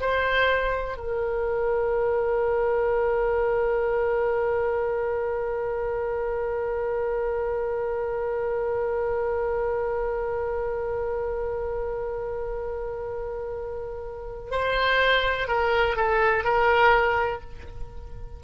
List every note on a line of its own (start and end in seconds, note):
0.00 0.97 C5
0.97 14.51 A#4
14.51 15.48 C5
15.48 15.96 A#4
15.96 16.44 A4
16.44 17.41 A#4